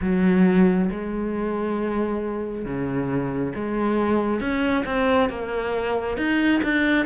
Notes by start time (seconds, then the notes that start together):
0.01 F#3
0.91 G#3
2.65 C#3
3.55 G#3
4.40 C#4
4.85 C4
5.29 A#3
6.17 D#4
6.63 D4